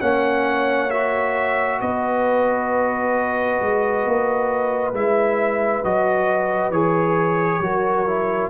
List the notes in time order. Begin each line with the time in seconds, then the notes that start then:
0.00 A#3 C#4 C#5 F#5
0.90 F#4 E5
1.80 B3 B4 D#5
3.60 G#3
4.05 A#3
4.93 G#3 E4 E5
5.83 F#3 F#4 D#5
6.69 E3 G#4 C#5
7.60 F#3 F#4 A#4
8.07 E4